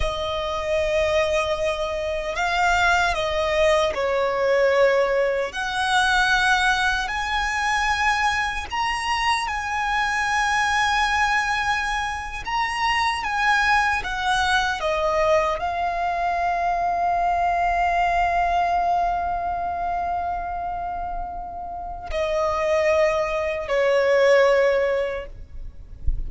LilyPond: \new Staff \with { instrumentName = "violin" } { \time 4/4 \tempo 4 = 76 dis''2. f''4 | dis''4 cis''2 fis''4~ | fis''4 gis''2 ais''4 | gis''2.~ gis''8. ais''16~ |
ais''8. gis''4 fis''4 dis''4 f''16~ | f''1~ | f''1 | dis''2 cis''2 | }